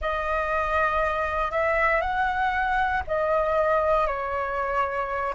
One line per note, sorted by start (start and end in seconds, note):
0.01 1.51 D#5
1.51 2.01 E5
2.01 3.02 F#5
3.07 4.07 D#5
4.07 5.34 C#5